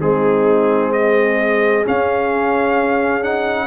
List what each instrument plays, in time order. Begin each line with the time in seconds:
0.00 tuba G#3, trombone C4, horn D#4, trumpet G#4
0.93 horn G#4, trumpet D#5
1.85 trombone C#4, tuba C#4, trumpet F5
3.23 trombone D#4, trumpet F#5